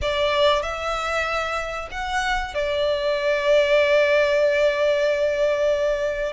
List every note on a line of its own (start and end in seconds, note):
0.01 0.62 D5
0.62 1.88 E5
1.91 2.54 F#5
2.54 6.32 D5